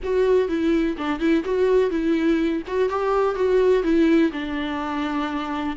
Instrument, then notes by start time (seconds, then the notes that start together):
viola
0.03 F#4
0.48 E4
0.97 D4
1.19 E4
1.44 F#4
1.90 E4
2.67 F#4
2.89 G4
3.35 F#4
3.83 E4
4.32 D4